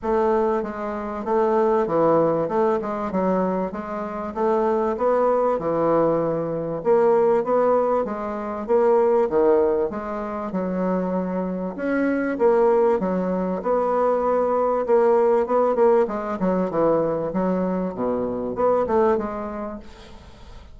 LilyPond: \new Staff \with { instrumentName = "bassoon" } { \time 4/4 \tempo 4 = 97 a4 gis4 a4 e4 | a8 gis8 fis4 gis4 a4 | b4 e2 ais4 | b4 gis4 ais4 dis4 |
gis4 fis2 cis'4 | ais4 fis4 b2 | ais4 b8 ais8 gis8 fis8 e4 | fis4 b,4 b8 a8 gis4 | }